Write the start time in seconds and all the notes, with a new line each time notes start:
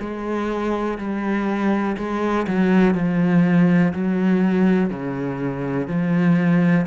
0.00 G#3
0.98 G3
1.97 G#3
2.47 F#3
2.94 F3
3.93 F#3
4.90 C#3
5.87 F3